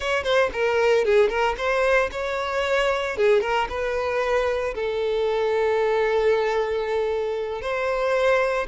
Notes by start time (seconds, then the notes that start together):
0.00 C#5
0.23 C5
0.52 A#4
1.04 G#4
1.29 A#4
1.57 C5
2.11 C#5
3.16 G#4
3.41 A#4
3.69 B4
4.74 A4
7.61 C5